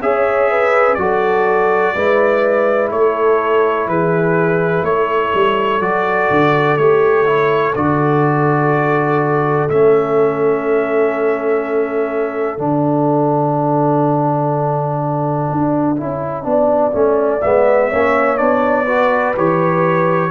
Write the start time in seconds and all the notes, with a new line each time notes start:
0.00 C#4 G#4 C#5 E5
0.50 B4
0.94 F#3 F#4 A4 D5
1.94 G#3 E4 B4
2.90 A3 A4 C#5
3.87 E3 G#4 B4
4.82 A3 A4 C#5
5.34 G3
5.80 F#3 F#4 D5
6.30 D3
6.77 A3 G4 C#5
7.26 E4
7.75 D3 F#4 D5
9.69 A3 C#4 E5
12.57 D3 D4 F#5
15.51 D4
15.97 C#4 E4
16.43 B3 D4 D5
16.92 A3 C#4
17.41 G#3 B3 E5
17.89 A#3 C#4 C#5
18.37 B3 D4 D5
18.86 F#4 B4
19.36 E3 G4 C#5